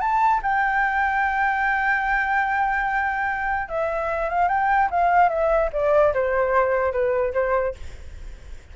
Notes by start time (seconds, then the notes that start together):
0.00 A5
0.42 G5
3.68 E5
4.29 F5
4.48 G5
4.91 F5
5.29 E5
5.73 D5
6.14 C5
6.92 B4
7.34 C5